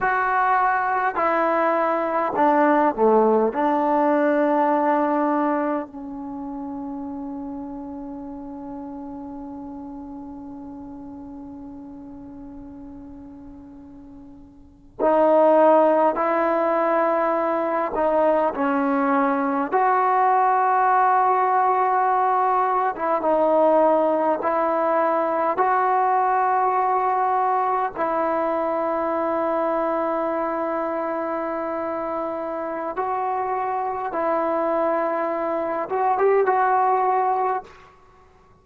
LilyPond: \new Staff \with { instrumentName = "trombone" } { \time 4/4 \tempo 4 = 51 fis'4 e'4 d'8 a8 d'4~ | d'4 cis'2.~ | cis'1~ | cis'8. dis'4 e'4. dis'8 cis'16~ |
cis'8. fis'2~ fis'8. e'16 dis'16~ | dis'8. e'4 fis'2 e'16~ | e'1 | fis'4 e'4. fis'16 g'16 fis'4 | }